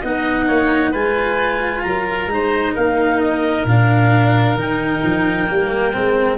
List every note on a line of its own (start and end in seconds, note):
0.00 0.49 B3
0.00 0.94 D#4
0.00 0.45 D#5
0.00 0.94 F#5
0.48 0.93 A#3
0.48 0.91 C#5
0.91 1.84 G#3
0.91 2.30 F4
0.91 1.82 B4
0.91 1.83 G#5
1.83 2.27 F#3
1.83 2.33 A#4
1.83 2.74 A#5
2.27 2.73 G#3
2.27 3.67 D#4
2.34 2.75 C5
2.75 3.65 A#3
2.75 6.38 A#4
2.75 3.21 F5
3.21 3.66 D#5
3.65 4.55 A#2
3.65 4.58 D4
3.65 4.59 F5
4.55 5.01 D#3
4.55 5.48 D#4
4.55 6.38 G5
5.04 5.50 F3
5.48 5.96 G3
5.48 5.93 A#3
5.93 6.38 G#3
5.93 6.38 C4